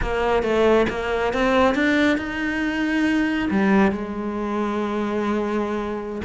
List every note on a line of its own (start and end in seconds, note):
0.01 0.42 A#3
0.42 0.86 A3
0.89 1.33 A#3
1.33 1.75 C4
1.75 2.17 D4
2.17 3.49 D#4
3.50 3.91 G3
3.91 6.21 G#3